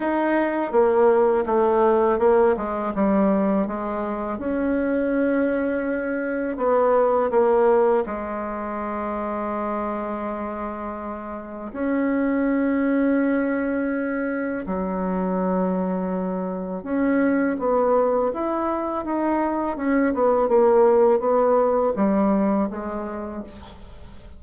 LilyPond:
\new Staff \with { instrumentName = "bassoon" } { \time 4/4 \tempo 4 = 82 dis'4 ais4 a4 ais8 gis8 | g4 gis4 cis'2~ | cis'4 b4 ais4 gis4~ | gis1 |
cis'1 | fis2. cis'4 | b4 e'4 dis'4 cis'8 b8 | ais4 b4 g4 gis4 | }